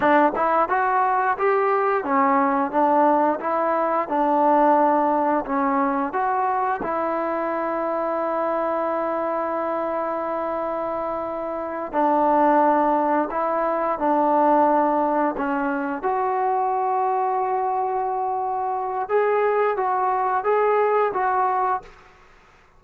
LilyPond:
\new Staff \with { instrumentName = "trombone" } { \time 4/4 \tempo 4 = 88 d'8 e'8 fis'4 g'4 cis'4 | d'4 e'4 d'2 | cis'4 fis'4 e'2~ | e'1~ |
e'4. d'2 e'8~ | e'8 d'2 cis'4 fis'8~ | fis'1 | gis'4 fis'4 gis'4 fis'4 | }